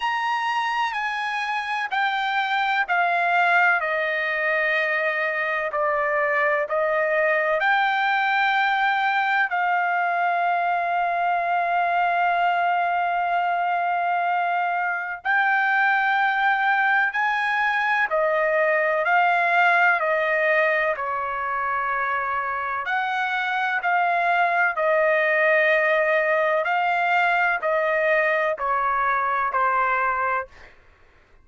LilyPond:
\new Staff \with { instrumentName = "trumpet" } { \time 4/4 \tempo 4 = 63 ais''4 gis''4 g''4 f''4 | dis''2 d''4 dis''4 | g''2 f''2~ | f''1 |
g''2 gis''4 dis''4 | f''4 dis''4 cis''2 | fis''4 f''4 dis''2 | f''4 dis''4 cis''4 c''4 | }